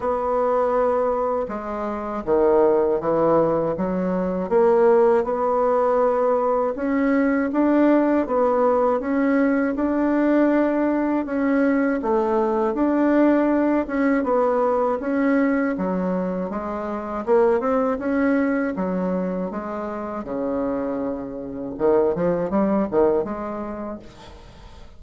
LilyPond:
\new Staff \with { instrumentName = "bassoon" } { \time 4/4 \tempo 4 = 80 b2 gis4 dis4 | e4 fis4 ais4 b4~ | b4 cis'4 d'4 b4 | cis'4 d'2 cis'4 |
a4 d'4. cis'8 b4 | cis'4 fis4 gis4 ais8 c'8 | cis'4 fis4 gis4 cis4~ | cis4 dis8 f8 g8 dis8 gis4 | }